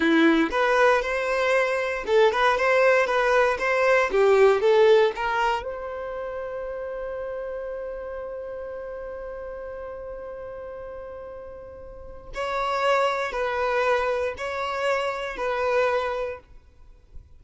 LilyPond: \new Staff \with { instrumentName = "violin" } { \time 4/4 \tempo 4 = 117 e'4 b'4 c''2 | a'8 b'8 c''4 b'4 c''4 | g'4 a'4 ais'4 c''4~ | c''1~ |
c''1~ | c''1 | cis''2 b'2 | cis''2 b'2 | }